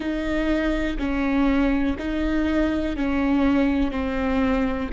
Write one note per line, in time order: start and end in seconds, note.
0.00 0.97 D#4
0.98 1.96 C#4
1.98 2.96 D#4
2.96 3.91 C#4
3.91 4.89 C4